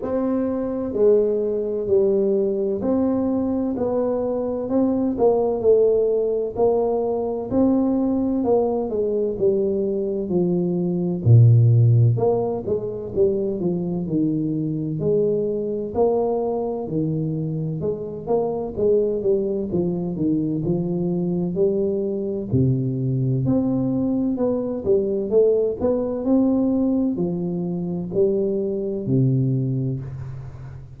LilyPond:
\new Staff \with { instrumentName = "tuba" } { \time 4/4 \tempo 4 = 64 c'4 gis4 g4 c'4 | b4 c'8 ais8 a4 ais4 | c'4 ais8 gis8 g4 f4 | ais,4 ais8 gis8 g8 f8 dis4 |
gis4 ais4 dis4 gis8 ais8 | gis8 g8 f8 dis8 f4 g4 | c4 c'4 b8 g8 a8 b8 | c'4 f4 g4 c4 | }